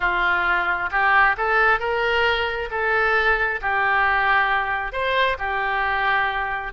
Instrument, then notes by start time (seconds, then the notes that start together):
oboe
0.00 F4
0.91 G4
1.37 A4
1.79 A#4
2.71 A4
3.61 G4
4.92 C5
5.38 G4